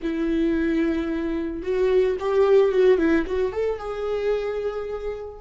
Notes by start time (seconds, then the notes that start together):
0.02 E4
1.62 F#4
2.19 G4
2.72 F#4
2.98 E4
3.26 F#4
3.52 A4
3.78 G#4